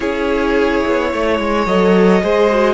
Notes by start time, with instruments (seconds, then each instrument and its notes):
0.00 cello C#4, viola E4, violin G#4 C#5
0.86 cello B3
1.11 cello A3, violin C#5
1.39 cello G#3
1.66 cello F#3, viola A4, violin D#5
2.21 cello G#3, viola G#4, violin C5
2.50 viola F#4